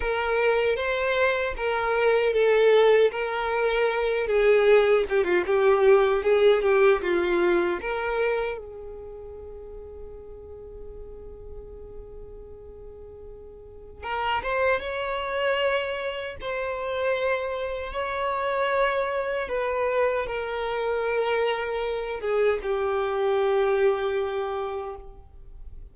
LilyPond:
\new Staff \with { instrumentName = "violin" } { \time 4/4 \tempo 4 = 77 ais'4 c''4 ais'4 a'4 | ais'4. gis'4 g'16 f'16 g'4 | gis'8 g'8 f'4 ais'4 gis'4~ | gis'1~ |
gis'2 ais'8 c''8 cis''4~ | cis''4 c''2 cis''4~ | cis''4 b'4 ais'2~ | ais'8 gis'8 g'2. | }